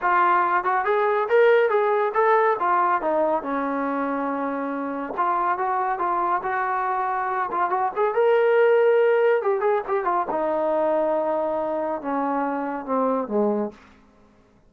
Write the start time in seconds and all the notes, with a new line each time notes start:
0.01 F4
0.64 F#4
0.85 G#4
1.28 A#4
1.69 G#4
2.14 A4
2.59 F4
3.01 D#4
3.42 C#4
5.17 F4
5.57 F#4
5.98 F4
6.42 F#4
7.51 F4
7.70 F#4
7.96 G#4
8.14 A#4
9.41 G4
9.60 G#4
9.87 G4
10.04 F4
10.30 D#4
12.01 C#4
12.85 C4
13.27 G#3